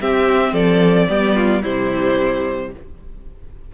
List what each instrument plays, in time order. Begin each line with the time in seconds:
0.00 viola C4, cello C4, violin G4 E5
0.53 cello F3, violin A4 D5
1.09 cello G3, viola B3, violin G4
1.36 violin F4
1.62 cello C3, viola G3, violin E4 C5